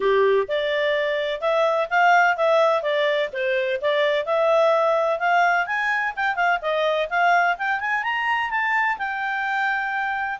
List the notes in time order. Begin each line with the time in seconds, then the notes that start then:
0.00 G4
0.48 D5
1.40 E5
1.90 F5
2.36 E5
2.82 D5
3.33 C5
3.81 D5
4.25 E5
5.19 F5
5.66 G#5
6.16 G5
6.35 F5
6.61 D#5
7.09 F5
7.58 G5
7.80 G#5
8.03 A#5
8.50 A5
8.97 G5